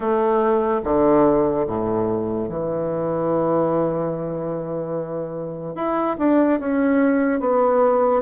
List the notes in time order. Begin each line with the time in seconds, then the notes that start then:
0.00 A3
0.84 D3
1.67 A2
2.48 E3
5.75 E4
6.18 D4
6.59 C#4
7.40 B3